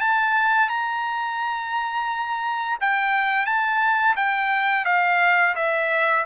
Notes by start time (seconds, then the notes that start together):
0.00 A5
0.68 A#5
2.80 G5
3.45 A5
4.16 G5
4.85 F5
5.55 E5